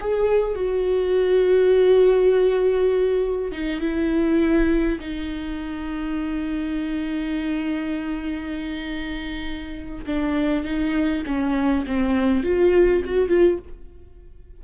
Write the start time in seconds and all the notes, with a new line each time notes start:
0.00 G#4
0.55 F#4
3.52 D#4
3.80 E4
5.00 D#4
10.06 D4
10.64 D#4
11.26 C#4
11.86 C4
12.43 F4
13.04 F#4
13.28 F4